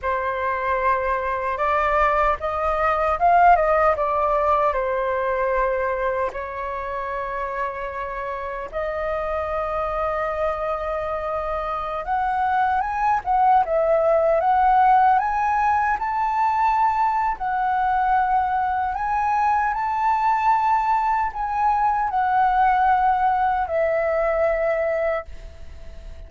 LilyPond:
\new Staff \with { instrumentName = "flute" } { \time 4/4 \tempo 4 = 76 c''2 d''4 dis''4 | f''8 dis''8 d''4 c''2 | cis''2. dis''4~ | dis''2.~ dis''16 fis''8.~ |
fis''16 gis''8 fis''8 e''4 fis''4 gis''8.~ | gis''16 a''4.~ a''16 fis''2 | gis''4 a''2 gis''4 | fis''2 e''2 | }